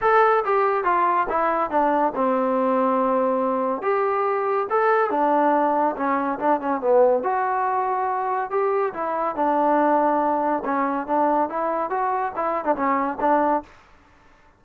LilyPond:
\new Staff \with { instrumentName = "trombone" } { \time 4/4 \tempo 4 = 141 a'4 g'4 f'4 e'4 | d'4 c'2.~ | c'4 g'2 a'4 | d'2 cis'4 d'8 cis'8 |
b4 fis'2. | g'4 e'4 d'2~ | d'4 cis'4 d'4 e'4 | fis'4 e'8. d'16 cis'4 d'4 | }